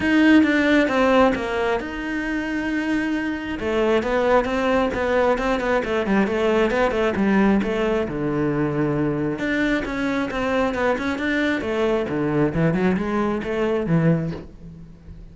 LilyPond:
\new Staff \with { instrumentName = "cello" } { \time 4/4 \tempo 4 = 134 dis'4 d'4 c'4 ais4 | dis'1 | a4 b4 c'4 b4 | c'8 b8 a8 g8 a4 b8 a8 |
g4 a4 d2~ | d4 d'4 cis'4 c'4 | b8 cis'8 d'4 a4 d4 | e8 fis8 gis4 a4 e4 | }